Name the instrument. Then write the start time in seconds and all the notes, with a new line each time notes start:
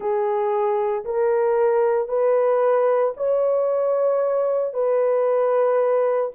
horn
0.00 G#4
1.04 A#4
2.08 B4
3.16 C#5
4.73 B4